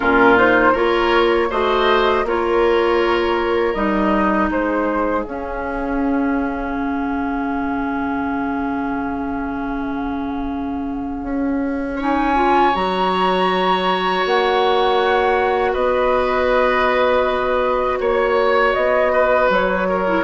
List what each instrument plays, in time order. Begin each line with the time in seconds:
0.00 bassoon A#2, clarinet C#4, oboe F4, flute A#4
0.36 clarinet D#4, flute C5
0.72 bassoon A#3, clarinet F4, oboe A#4, flute C#5
1.50 bassoon A3, clarinet F#4, oboe C5, flute D#5
2.24 bassoon A#3, clarinet F4, oboe A#4, flute C#5
3.73 bassoon G3, clarinet D#4, flute D#5
4.50 bassoon G#3, oboe G#4, flute C5
5.22 clarinet C#4, bassoon C#4, flute F5
6.75 bassoon C#3
11.23 bassoon C#4
11.96 clarinet D#4, oboe C#5
12.02 flute G#5
12.35 clarinet F4
12.74 bassoon F#3, clarinet F#4, flute A#5
14.25 bassoon A#3, flute F#5
15.73 bassoon B3, oboe B4, flute D#5
18.00 bassoon A#3, oboe C#5, flute C#5
18.73 bassoon B3, flute D#5
19.12 oboe B4
19.49 bassoon F#3, flute C#5
19.89 oboe A#4
20.07 clarinet E4